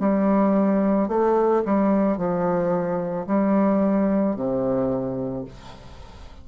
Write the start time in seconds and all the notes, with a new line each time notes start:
0.00 G3
1.09 A3
1.65 G3
2.17 F3
3.27 G3
4.36 C3